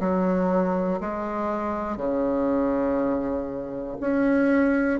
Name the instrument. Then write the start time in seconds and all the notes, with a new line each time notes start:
bassoon
0.00 F#3
1.00 G#3
1.96 C#3
4.00 C#4